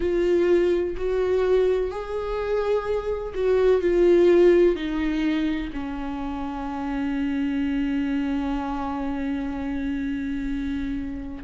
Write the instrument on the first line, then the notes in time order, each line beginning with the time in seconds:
viola
0.00 F4
0.97 F#4
1.90 G#4
3.34 F#4
3.81 F4
4.75 D#4
5.72 C#4